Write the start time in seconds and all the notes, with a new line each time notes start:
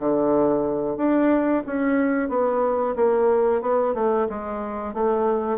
0.00 D3
0.97 D4
1.66 C#4
2.29 B3
2.96 A#3
3.62 B3
3.95 A3
4.29 G#3
4.94 A3